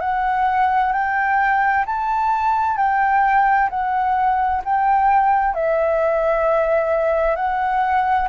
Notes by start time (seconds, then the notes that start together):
0.00 F#5
0.92 G5
1.85 A5
2.77 G5
3.70 F#5
4.64 G5
5.54 E5
7.36 F#5